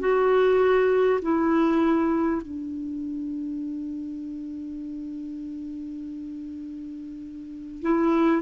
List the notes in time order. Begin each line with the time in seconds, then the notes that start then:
0.00 F#4
1.22 E4
2.42 D4
7.82 E4